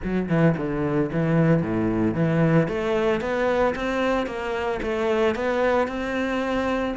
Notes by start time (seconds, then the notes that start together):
0.03 F#3
0.28 E3
0.57 D3
1.12 E3
1.62 A2
2.14 E3
2.68 A3
3.20 B3
3.75 C4
4.26 A#3
4.82 A3
5.35 B3
5.87 C4